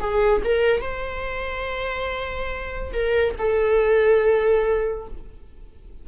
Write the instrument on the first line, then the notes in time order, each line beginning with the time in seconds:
viola
0.00 G#4
0.44 A#4
0.81 C5
2.93 A#4
3.38 A4